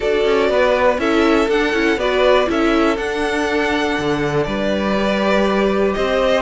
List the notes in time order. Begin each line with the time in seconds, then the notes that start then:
0.00 D4 F#4 A4 D5
0.25 C#4
0.49 B3 B4
0.97 C#4 E4 A4 E5
1.48 D4 F#5
1.73 C#4 E4
1.97 B3 F#4 B4 D5
2.46 C#4 E4 A4 E5
2.97 D4 F#5
3.99 D3
4.43 G3 B4 D5
4.95 G4
5.93 C4 C5 D#5